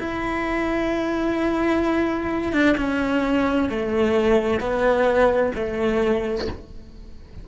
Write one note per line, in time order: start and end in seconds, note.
0.00 2.53 E4
2.53 2.77 D4
2.78 3.70 C#4
3.70 4.61 A3
4.61 5.53 B3
5.56 6.48 A3